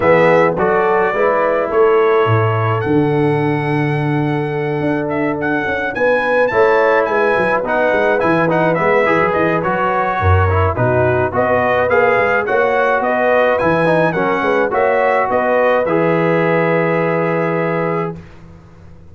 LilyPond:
<<
  \new Staff \with { instrumentName = "trumpet" } { \time 4/4 \tempo 4 = 106 e''4 d''2 cis''4~ | cis''4 fis''2.~ | fis''4 e''8 fis''4 gis''4 a''8~ | a''8 gis''4 fis''4 gis''8 fis''8 e''8~ |
e''8 dis''8 cis''2 b'4 | dis''4 f''4 fis''4 dis''4 | gis''4 fis''4 e''4 dis''4 | e''1 | }
  \new Staff \with { instrumentName = "horn" } { \time 4/4 gis'4 a'4 b'4 a'4~ | a'1~ | a'2~ a'8 b'4 cis''8~ | cis''8 b'2.~ b'8~ |
b'2 ais'4 fis'4 | b'2 cis''4 b'4~ | b'4 ais'8 b'8 cis''4 b'4~ | b'1 | }
  \new Staff \with { instrumentName = "trombone" } { \time 4/4 b4 fis'4 e'2~ | e'4 d'2.~ | d'2.~ d'8 e'8~ | e'4. dis'4 e'8 dis'8 b8 |
gis'4 fis'4. e'8 dis'4 | fis'4 gis'4 fis'2 | e'8 dis'8 cis'4 fis'2 | gis'1 | }
  \new Staff \with { instrumentName = "tuba" } { \time 4/4 e4 fis4 gis4 a4 | a,4 d2.~ | d8 d'4. cis'8 b4 a8~ | a8 gis8 fis8 b8 gis8 e4 gis8 |
e16 fis16 e8 fis4 fis,4 b,4 | b4 ais8 gis8 ais4 b4 | e4 fis8 gis8 ais4 b4 | e1 | }
>>